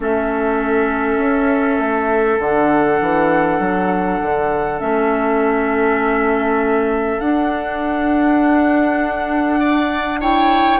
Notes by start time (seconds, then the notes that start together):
0.00 A3 C#4 A4 E5
1.18 C#4
1.78 A3
2.39 D3 D4 F#5
3.00 E3
3.59 F#3
4.22 D3
4.79 A3 C#4 E5
7.19 D4 F#5
9.59 D5
10.20 E4 C#5 G5